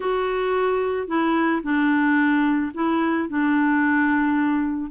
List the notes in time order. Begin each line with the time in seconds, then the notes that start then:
0.00 F#4
1.07 E4
1.62 D4
2.74 E4
3.29 D4